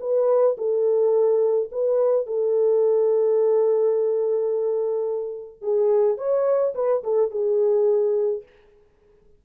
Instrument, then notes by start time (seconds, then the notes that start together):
horn
0.00 B4
0.58 A4
1.72 B4
2.26 A4
5.62 G#4
6.17 C#5
6.74 B4
7.03 A4
7.30 G#4